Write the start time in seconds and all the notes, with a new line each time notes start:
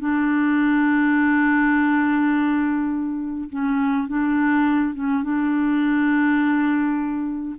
0.00 D4
3.50 C#4
4.08 D4
4.95 C#4
5.23 D4